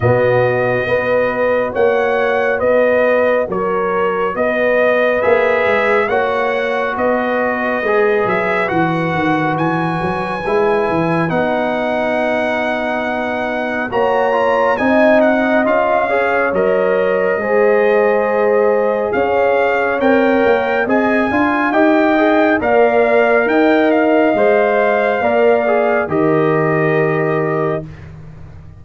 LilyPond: <<
  \new Staff \with { instrumentName = "trumpet" } { \time 4/4 \tempo 4 = 69 dis''2 fis''4 dis''4 | cis''4 dis''4 e''4 fis''4 | dis''4. e''8 fis''4 gis''4~ | gis''4 fis''2. |
ais''4 gis''8 fis''8 f''4 dis''4~ | dis''2 f''4 g''4 | gis''4 g''4 f''4 g''8 f''8~ | f''2 dis''2 | }
  \new Staff \with { instrumentName = "horn" } { \time 4/4 fis'4 b'4 cis''4 b'4 | ais'4 b'2 cis''4 | b'1~ | b'1 |
cis''4 dis''4. cis''4. | c''2 cis''2 | dis''8 f''8 dis''4 d''4 dis''4~ | dis''4 d''4 ais'2 | }
  \new Staff \with { instrumentName = "trombone" } { \time 4/4 b4 fis'2.~ | fis'2 gis'4 fis'4~ | fis'4 gis'4 fis'2 | e'4 dis'2. |
fis'8 f'8 dis'4 f'8 gis'8 ais'4 | gis'2. ais'4 | gis'8 f'8 g'8 gis'8 ais'2 | c''4 ais'8 gis'8 g'2 | }
  \new Staff \with { instrumentName = "tuba" } { \time 4/4 b,4 b4 ais4 b4 | fis4 b4 ais8 gis8 ais4 | b4 gis8 fis8 e8 dis8 e8 fis8 | gis8 e8 b2. |
ais4 c'4 cis'4 fis4 | gis2 cis'4 c'8 ais8 | c'8 d'8 dis'4 ais4 dis'4 | gis4 ais4 dis2 | }
>>